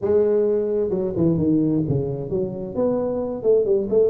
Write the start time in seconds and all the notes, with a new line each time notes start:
0.01 G#3
0.90 F#3
1.16 E3
1.37 D#3
1.88 C#3
2.29 F#3
2.75 B3
3.42 A3
3.65 G3
3.89 A3